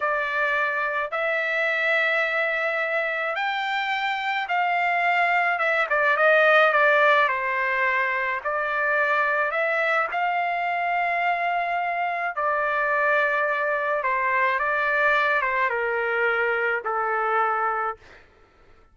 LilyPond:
\new Staff \with { instrumentName = "trumpet" } { \time 4/4 \tempo 4 = 107 d''2 e''2~ | e''2 g''2 | f''2 e''8 d''8 dis''4 | d''4 c''2 d''4~ |
d''4 e''4 f''2~ | f''2 d''2~ | d''4 c''4 d''4. c''8 | ais'2 a'2 | }